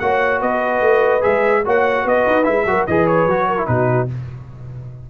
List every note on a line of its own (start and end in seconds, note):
0.00 0.42 A#3
0.00 1.22 F#4
0.00 0.40 C#5
0.00 0.41 F#5
0.40 0.82 B3
0.40 1.63 B4
0.40 1.23 D#5
0.82 1.22 A3
1.22 1.67 G#3
1.22 1.62 G#4
1.22 1.64 E5
1.65 2.05 A#3
1.65 2.44 F#4
1.65 2.04 C#5
1.65 2.08 F#5
2.04 2.26 B3
2.04 2.65 B4
2.04 2.44 D#5
2.27 2.48 D#4
2.44 2.65 G#3
2.44 2.65 E4
2.44 2.85 E5
2.65 2.86 F#3
2.65 2.88 F#4
2.65 2.89 A#4
2.87 3.27 E3
2.87 3.30 G#4
2.87 3.48 B4
2.87 3.07 D#5
3.07 3.67 C#5
3.27 3.68 F#3
3.27 3.59 F#4
3.48 3.69 A#4
3.59 3.67 E4
3.67 4.09 B2
3.67 4.08 D#4
3.67 4.11 F#4
3.67 4.08 B4